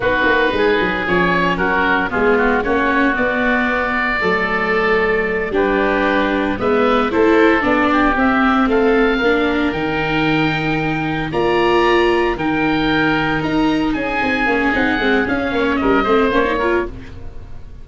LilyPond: <<
  \new Staff \with { instrumentName = "oboe" } { \time 4/4 \tempo 4 = 114 b'2 cis''4 ais'4 | gis'8 fis'8 cis''4 d''2~ | d''2~ d''8 b'4.~ | b'8 e''4 c''4 d''4 e''8~ |
e''8 f''2 g''4.~ | g''4. ais''2 g''8~ | g''4. ais''4 gis''4. | fis''4 f''4 dis''4 cis''4 | }
  \new Staff \with { instrumentName = "oboe" } { \time 4/4 fis'4 gis'2 fis'4 | f'4 fis'2. | a'2~ a'8 g'4.~ | g'8 b'4 a'4. g'4~ |
g'8 a'4 ais'2~ ais'8~ | ais'4. d''2 ais'8~ | ais'2~ ais'8 gis'4.~ | gis'4. cis''8 ais'8 c''4 ais'8 | }
  \new Staff \with { instrumentName = "viola" } { \time 4/4 dis'2 cis'2 | b4 cis'4 b2 | a2~ a8 d'4.~ | d'8 b4 e'4 d'4 c'8~ |
c'4. d'4 dis'4.~ | dis'4. f'2 dis'8~ | dis'2.~ dis'8 cis'8 | dis'8 c'8 cis'4. c'8 cis'16 dis'16 f'8 | }
  \new Staff \with { instrumentName = "tuba" } { \time 4/4 b8 ais8 gis8 fis8 f4 fis4 | gis4 ais4 b2 | fis2~ fis8 g4.~ | g8 gis4 a4 b4 c'8~ |
c'8 a4 ais4 dis4.~ | dis4. ais2 dis8~ | dis4. dis'4 cis'8 c'8 ais8 | c'8 gis8 cis'8 ais8 g8 a8 ais4 | }
>>